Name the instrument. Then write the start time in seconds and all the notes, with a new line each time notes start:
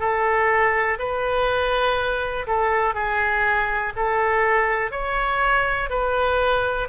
oboe
0.00 A4
0.99 B4
2.47 A4
2.95 G#4
3.96 A4
4.91 C#5
5.90 B4